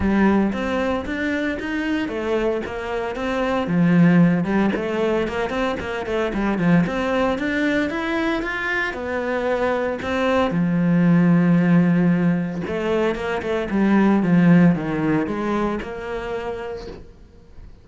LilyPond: \new Staff \with { instrumentName = "cello" } { \time 4/4 \tempo 4 = 114 g4 c'4 d'4 dis'4 | a4 ais4 c'4 f4~ | f8 g8 a4 ais8 c'8 ais8 a8 | g8 f8 c'4 d'4 e'4 |
f'4 b2 c'4 | f1 | a4 ais8 a8 g4 f4 | dis4 gis4 ais2 | }